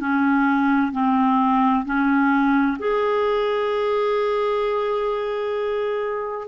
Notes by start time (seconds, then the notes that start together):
0.00 C#4
0.93 C4
1.85 C#4
2.79 G#4